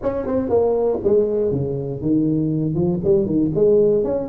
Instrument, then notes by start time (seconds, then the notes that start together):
tuba
0.02 C#4
0.26 C4
0.49 A#3
1.04 G#3
1.51 C#3
2.01 D#3
2.74 F3
3.03 G3
3.26 D#3
3.55 G#3
4.04 C#4